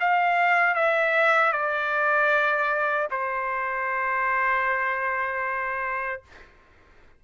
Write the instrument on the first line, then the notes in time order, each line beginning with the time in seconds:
trumpet
0.00 F5
0.74 E5
1.52 D5
3.10 C5